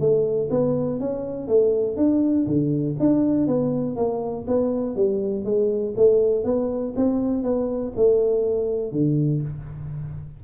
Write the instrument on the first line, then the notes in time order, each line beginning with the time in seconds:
tuba
0.00 A3
0.50 B3
1.00 C#4
1.48 A3
1.97 D4
2.47 D3
3.00 D4
3.47 B3
3.96 A#3
4.48 B3
4.96 G3
5.45 G#3
5.97 A3
6.45 B3
6.96 C4
7.44 B3
7.97 A3
8.92 D3